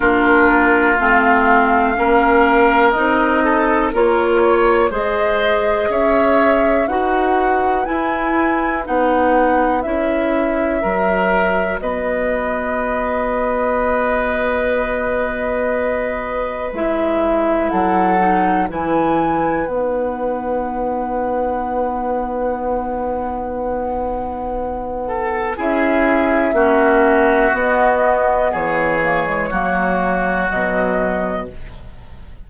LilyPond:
<<
  \new Staff \with { instrumentName = "flute" } { \time 4/4 \tempo 4 = 61 ais'4 f''2 dis''4 | cis''4 dis''4 e''4 fis''4 | gis''4 fis''4 e''2 | dis''1~ |
dis''4 e''4 fis''4 gis''4 | fis''1~ | fis''2 e''2 | dis''4 cis''2 dis''4 | }
  \new Staff \with { instrumentName = "oboe" } { \time 4/4 f'2 ais'4. a'8 | ais'8 cis''8 c''4 cis''4 b'4~ | b'2. ais'4 | b'1~ |
b'2 a'4 b'4~ | b'1~ | b'4. a'8 gis'4 fis'4~ | fis'4 gis'4 fis'2 | }
  \new Staff \with { instrumentName = "clarinet" } { \time 4/4 d'4 c'4 cis'4 dis'4 | f'4 gis'2 fis'4 | e'4 dis'4 e'4 fis'4~ | fis'1~ |
fis'4 e'4. dis'8 e'4 | dis'1~ | dis'2 e'4 cis'4 | b4. ais16 gis16 ais4 fis4 | }
  \new Staff \with { instrumentName = "bassoon" } { \time 4/4 ais4 a4 ais4 c'4 | ais4 gis4 cis'4 dis'4 | e'4 b4 cis'4 fis4 | b1~ |
b4 gis4 fis4 e4 | b1~ | b2 cis'4 ais4 | b4 e4 fis4 b,4 | }
>>